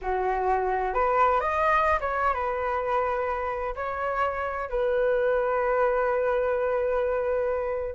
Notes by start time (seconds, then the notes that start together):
0.01 F#4
0.94 B4
1.40 D#5
2.00 C#5
2.34 B4
3.75 C#5
4.69 B4